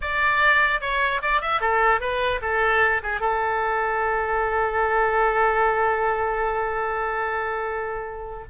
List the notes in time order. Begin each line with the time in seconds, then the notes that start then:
0.01 D5
0.81 C#5
1.22 D5
1.41 E5
1.60 A4
2.00 B4
2.41 A4
3.02 G#4
3.20 A4